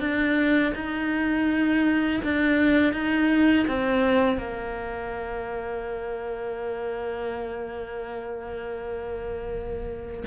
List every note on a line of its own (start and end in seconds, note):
0.00 0.73 D4
0.75 2.22 D#4
2.24 2.93 D4
2.93 3.66 D#4
3.68 4.38 C4
4.38 10.23 A#3